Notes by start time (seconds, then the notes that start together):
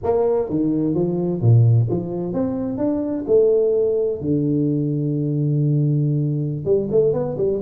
0.03 A#3
0.49 D#3
0.94 F3
1.41 A#2
1.89 F3
2.33 C4
2.77 D4
3.27 A3
4.21 D3
6.65 G3
6.91 A3
7.13 B3
7.37 G3